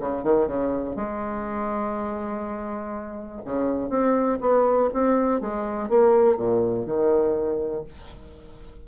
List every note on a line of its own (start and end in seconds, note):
0.00 0.24 C#3
0.24 0.47 D#3
0.47 0.96 C#3
0.96 3.42 G#3
3.45 3.90 C#3
3.90 4.39 C4
4.41 4.90 B3
4.93 5.41 C4
5.41 5.89 G#3
5.89 6.37 A#3
6.37 6.86 A#2
6.86 7.84 D#3